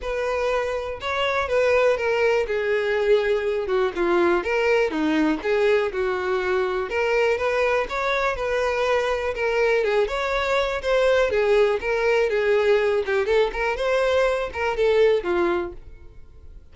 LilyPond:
\new Staff \with { instrumentName = "violin" } { \time 4/4 \tempo 4 = 122 b'2 cis''4 b'4 | ais'4 gis'2~ gis'8 fis'8 | f'4 ais'4 dis'4 gis'4 | fis'2 ais'4 b'4 |
cis''4 b'2 ais'4 | gis'8 cis''4. c''4 gis'4 | ais'4 gis'4. g'8 a'8 ais'8 | c''4. ais'8 a'4 f'4 | }